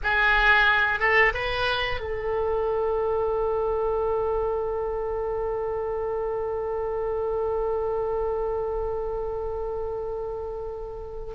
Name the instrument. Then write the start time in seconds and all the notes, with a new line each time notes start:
oboe
0.03 G#4
0.99 A4
1.33 B4
2.00 A4